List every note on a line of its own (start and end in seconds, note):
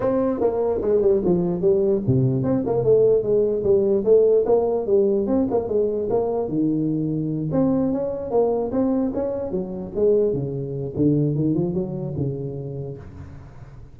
0.00 0.40 C4
0.40 0.80 A#3
0.81 1.01 G#3
1.01 1.22 G3
1.24 1.61 F3
1.61 2.01 G3
2.06 2.43 C3
2.43 2.63 C4
2.66 2.83 A#3
2.83 3.22 A3
3.22 3.63 G#3
3.63 4.04 G3
4.04 4.45 A3
4.45 4.86 A#3
4.86 5.26 G3
5.26 5.47 C4
5.50 5.68 A#3
5.68 6.08 G#3
6.10 6.48 A#3
6.48 7.49 D#3
7.51 7.92 C4
7.92 8.30 C#4
8.30 8.71 A#3
8.71 9.12 C4
9.14 9.51 C#4
9.51 9.91 F#3
9.95 10.33 G#3
10.33 10.93 C#3
10.96 11.35 D3
11.35 11.54 D#3
11.54 11.73 F3
11.73 12.14 F#3
12.16 12.97 C#3